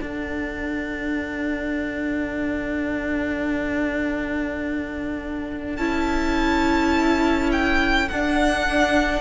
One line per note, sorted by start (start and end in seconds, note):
0.00 5.77 D4
0.00 5.78 D4
0.00 9.22 A4
0.00 5.77 F#5
5.77 8.09 C#4
5.77 8.10 E4
5.77 7.50 A5
7.52 8.09 G5
8.09 9.22 D4
8.09 9.22 F#5